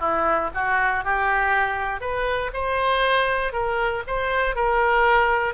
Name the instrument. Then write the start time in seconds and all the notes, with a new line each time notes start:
oboe
0.00 E4
0.54 F#4
1.04 G4
2.01 B4
2.53 C5
3.53 A#4
4.07 C5
4.55 A#4